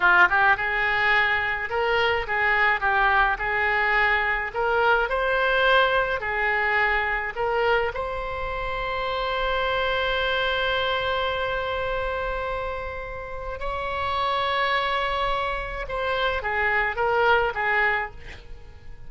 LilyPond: \new Staff \with { instrumentName = "oboe" } { \time 4/4 \tempo 4 = 106 f'8 g'8 gis'2 ais'4 | gis'4 g'4 gis'2 | ais'4 c''2 gis'4~ | gis'4 ais'4 c''2~ |
c''1~ | c''1 | cis''1 | c''4 gis'4 ais'4 gis'4 | }